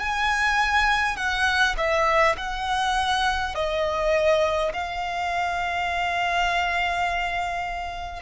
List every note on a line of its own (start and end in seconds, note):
0.00 1.17 G#5
1.17 1.75 F#5
1.78 2.36 E5
2.37 3.55 F#5
3.55 4.73 D#5
4.73 8.22 F5